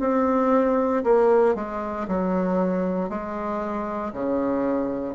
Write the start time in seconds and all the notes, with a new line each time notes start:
0.00 C4
1.04 A#3
1.55 G#3
2.08 F#3
3.09 G#3
4.13 C#3